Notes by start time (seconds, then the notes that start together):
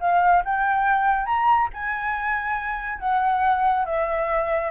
0.00 F5
0.45 G5
1.26 A#5
1.73 G#5
2.99 F#5
3.85 E5